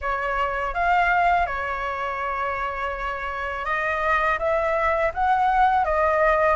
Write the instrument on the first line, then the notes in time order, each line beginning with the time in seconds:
flute
0.01 C#5
0.74 F5
1.46 C#5
3.65 D#5
4.38 E5
5.14 F#5
5.84 D#5